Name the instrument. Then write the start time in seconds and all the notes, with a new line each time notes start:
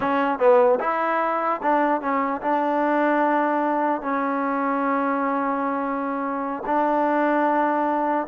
trombone
0.00 C#4
0.38 B3
0.80 E4
1.62 D4
2.01 C#4
2.41 D4
4.01 C#4
6.66 D4